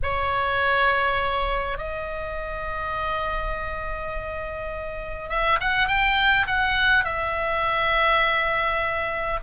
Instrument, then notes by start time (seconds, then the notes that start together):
oboe
0.03 C#5
1.78 D#5
5.29 E5
5.60 F#5
5.87 G5
6.47 F#5
7.04 E5